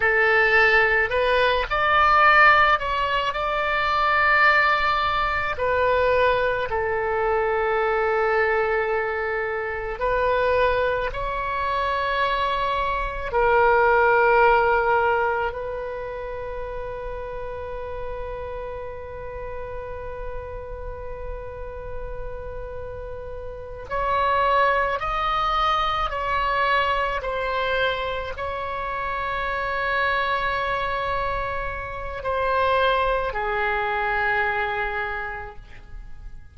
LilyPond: \new Staff \with { instrumentName = "oboe" } { \time 4/4 \tempo 4 = 54 a'4 b'8 d''4 cis''8 d''4~ | d''4 b'4 a'2~ | a'4 b'4 cis''2 | ais'2 b'2~ |
b'1~ | b'4. cis''4 dis''4 cis''8~ | cis''8 c''4 cis''2~ cis''8~ | cis''4 c''4 gis'2 | }